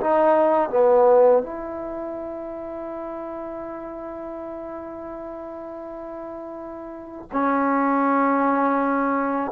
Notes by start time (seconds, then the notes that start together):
0.00 D#4
0.70 B3
1.42 E4
7.32 C#4